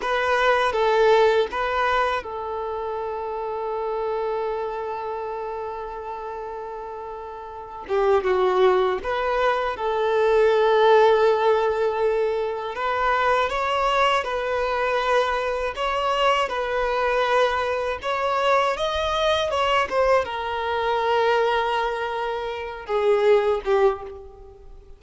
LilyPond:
\new Staff \with { instrumentName = "violin" } { \time 4/4 \tempo 4 = 80 b'4 a'4 b'4 a'4~ | a'1~ | a'2~ a'8 g'8 fis'4 | b'4 a'2.~ |
a'4 b'4 cis''4 b'4~ | b'4 cis''4 b'2 | cis''4 dis''4 cis''8 c''8 ais'4~ | ais'2~ ais'8 gis'4 g'8 | }